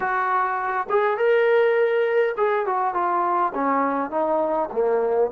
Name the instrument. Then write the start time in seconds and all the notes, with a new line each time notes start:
trombone
0.00 F#4
0.89 G#4
1.17 A#4
2.37 G#4
2.66 F#4
2.94 F4
3.54 C#4
4.10 D#4
4.72 A#3